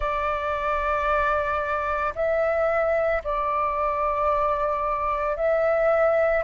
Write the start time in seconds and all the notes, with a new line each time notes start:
0.00 D5
2.15 E5
3.23 D5
5.36 E5